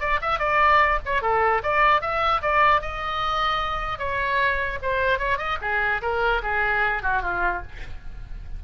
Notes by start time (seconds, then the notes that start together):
0.00 D5
0.22 E5
0.39 D5
1.05 C#5
1.22 A4
1.63 D5
2.01 E5
2.42 D5
2.82 D#5
3.99 C#5
4.82 C5
5.19 C#5
5.38 D#5
5.61 G#4
6.02 A#4
6.43 G#4
7.03 F#4
7.23 F4